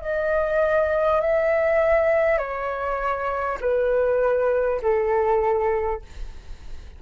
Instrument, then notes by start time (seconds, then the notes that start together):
flute
0.00 D#5
1.21 E5
2.38 C#5
3.60 B4
4.82 A4